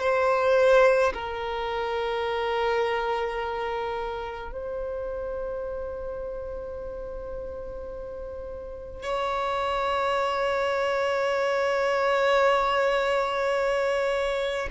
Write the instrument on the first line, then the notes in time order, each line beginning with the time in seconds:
violin
0.00 C5
1.14 A#4
4.52 C5
9.03 C#5